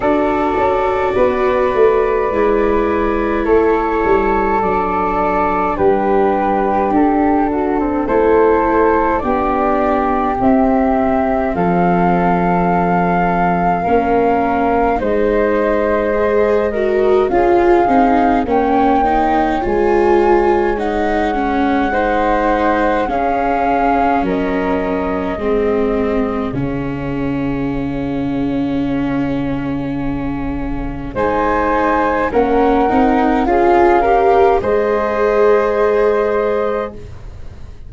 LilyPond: <<
  \new Staff \with { instrumentName = "flute" } { \time 4/4 \tempo 4 = 52 d''2. cis''4 | d''4 b'4 a'4 c''4 | d''4 e''4 f''2~ | f''4 dis''2 f''4 |
g''4 gis''4 fis''2 | f''4 dis''2 f''4~ | f''2. gis''4 | fis''4 f''4 dis''2 | }
  \new Staff \with { instrumentName = "flute" } { \time 4/4 a'4 b'2 a'4~ | a'4 g'4. fis'16 c'16 a'4 | g'2 a'2 | ais'4 c''4. ais'8 gis'4 |
cis''2. c''4 | gis'4 ais'4 gis'2~ | gis'2. c''4 | ais'4 gis'8 ais'8 c''2 | }
  \new Staff \with { instrumentName = "viola" } { \time 4/4 fis'2 e'2 | d'2. e'4 | d'4 c'2. | cis'4 dis'4 gis'8 fis'8 f'8 dis'8 |
cis'8 dis'8 f'4 dis'8 cis'8 dis'4 | cis'2 c'4 cis'4~ | cis'2. dis'4 | cis'8 dis'8 f'8 g'8 gis'2 | }
  \new Staff \with { instrumentName = "tuba" } { \time 4/4 d'8 cis'8 b8 a8 gis4 a8 g8 | fis4 g4 d'4 a4 | b4 c'4 f2 | ais4 gis2 cis'8 c'8 |
ais4 gis2. | cis'4 fis4 gis4 cis4~ | cis2. gis4 | ais8 c'8 cis'4 gis2 | }
>>